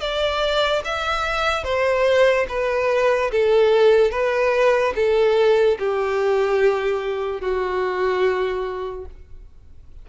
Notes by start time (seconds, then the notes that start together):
0.00 D5
0.84 E5
1.64 C5
2.49 B4
3.31 A4
4.11 B4
4.95 A4
5.79 G4
7.41 F#4